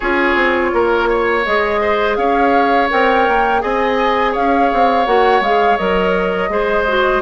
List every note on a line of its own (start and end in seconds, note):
0.00 0.35 C#4
0.00 1.45 F4
0.00 0.70 G#4
0.00 1.44 C#5
0.35 0.71 C4
0.73 1.46 A#3
0.73 1.09 A#4
1.09 1.81 C#5
1.44 2.17 G#3
1.44 2.90 G#4
1.44 2.16 D#5
1.81 2.17 C5
2.16 2.89 C#4
2.16 3.62 C#5
2.16 2.88 F5
2.90 3.28 C4
2.90 3.60 A#4
2.90 3.61 G5
3.28 3.63 A#3
3.60 4.35 C4
3.60 5.05 G#4
3.60 4.32 D#5
3.60 4.34 G#5
4.32 4.72 C#4
4.32 6.49 C#5
4.32 5.06 F5
4.72 5.06 C4
5.06 5.40 A#3
5.06 5.42 F#4
5.06 5.42 F#5
5.40 5.76 G#3
5.40 5.78 G#4
5.40 5.77 F5
5.77 6.49 F#3
5.77 6.49 A#4
5.77 7.21 D#5
6.49 7.21 G#3
6.49 6.85 G#4
6.49 7.21 C5
6.87 7.21 F#4